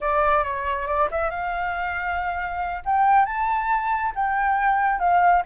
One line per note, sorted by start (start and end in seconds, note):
0.00 0.43 D5
0.43 0.86 C#5
0.86 1.08 D5
1.11 1.30 E5
1.30 2.82 F5
2.85 3.25 G5
3.25 4.12 A5
4.15 4.99 G5
4.99 5.42 F5